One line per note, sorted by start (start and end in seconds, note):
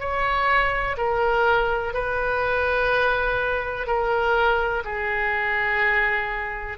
0.00 0.97 C#5
0.98 1.94 A#4
1.94 3.87 B4
3.87 4.84 A#4
4.85 6.78 G#4